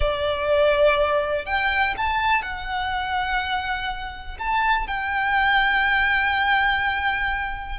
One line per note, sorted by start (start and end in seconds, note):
0.00 1.45 D5
1.45 1.94 G5
1.97 2.42 A5
2.42 4.37 F#5
4.39 4.87 A5
4.87 7.79 G5